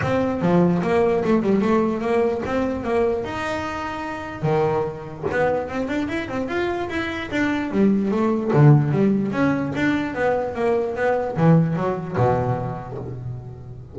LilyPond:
\new Staff \with { instrumentName = "double bass" } { \time 4/4 \tempo 4 = 148 c'4 f4 ais4 a8 g8 | a4 ais4 c'4 ais4 | dis'2. dis4~ | dis4 b4 c'8 d'8 e'8 c'8 |
f'4 e'4 d'4 g4 | a4 d4 g4 cis'4 | d'4 b4 ais4 b4 | e4 fis4 b,2 | }